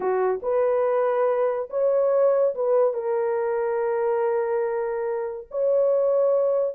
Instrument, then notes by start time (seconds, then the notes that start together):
horn
0.00 F#4
0.42 B4
1.70 C#5
2.54 B4
2.93 A#4
5.50 C#5